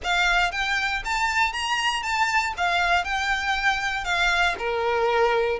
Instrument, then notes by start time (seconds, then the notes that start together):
violin
0.03 F5
0.51 G5
1.04 A5
1.52 A#5
2.02 A5
2.57 F5
3.04 G5
4.04 F5
4.58 A#4